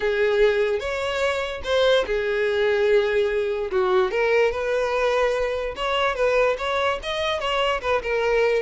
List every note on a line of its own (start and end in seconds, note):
0.00 0.79 G#4
0.79 1.61 C#5
1.64 2.05 C5
2.06 3.70 G#4
3.71 4.11 F#4
4.11 4.51 A#4
4.51 5.74 B4
5.76 6.15 C#5
6.15 6.56 B4
6.58 6.99 C#5
7.02 7.40 D#5
7.40 7.81 C#5
7.81 8.01 B4
8.02 8.62 A#4